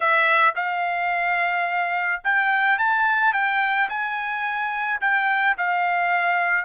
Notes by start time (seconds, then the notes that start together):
0.00 E5
0.55 F5
2.24 G5
2.78 A5
3.33 G5
3.89 G#5
5.00 G5
5.57 F5